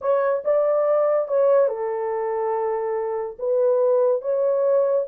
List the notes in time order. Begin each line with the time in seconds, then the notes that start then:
0.01 C#5
0.44 D5
1.28 C#5
1.67 A4
3.38 B4
4.21 C#5